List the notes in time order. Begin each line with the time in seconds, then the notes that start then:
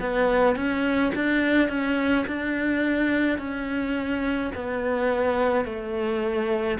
0.00 B3
0.56 C#4
1.15 D4
1.69 C#4
2.27 D4
3.38 C#4
4.55 B3
5.66 A3